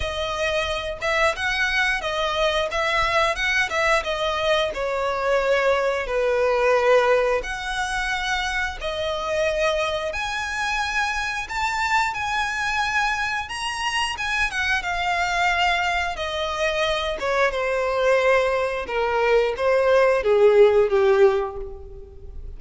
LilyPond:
\new Staff \with { instrumentName = "violin" } { \time 4/4 \tempo 4 = 89 dis''4. e''8 fis''4 dis''4 | e''4 fis''8 e''8 dis''4 cis''4~ | cis''4 b'2 fis''4~ | fis''4 dis''2 gis''4~ |
gis''4 a''4 gis''2 | ais''4 gis''8 fis''8 f''2 | dis''4. cis''8 c''2 | ais'4 c''4 gis'4 g'4 | }